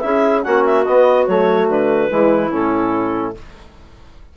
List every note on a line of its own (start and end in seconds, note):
0.00 0.45 C#4
0.00 0.44 E4
0.00 0.45 G#4
0.00 0.42 E5
0.43 0.87 A#3
0.43 0.86 C#4
0.43 2.10 F#4
0.43 0.64 F#5
0.66 0.85 E5
0.85 1.28 B3
0.85 1.26 D#5
1.27 1.69 F#3
1.27 2.10 A3
1.27 1.68 C#5
1.69 2.11 D3
1.69 2.53 B4
2.10 2.53 E3
2.10 2.51 G#3
2.10 3.35 E4
2.51 3.37 A2
2.51 3.35 C#4
2.51 3.37 A4